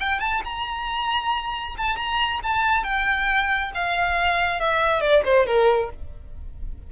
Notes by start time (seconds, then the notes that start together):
0.00 G5
0.20 A5
0.44 A#5
1.78 A5
1.96 A#5
2.43 A5
2.84 G5
3.74 F5
4.60 E5
5.01 D5
5.25 C5
5.46 A#4